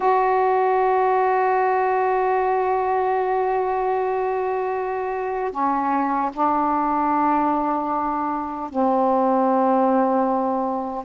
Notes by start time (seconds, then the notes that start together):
0.00 F#4
5.51 C#4
6.33 D4
8.69 C4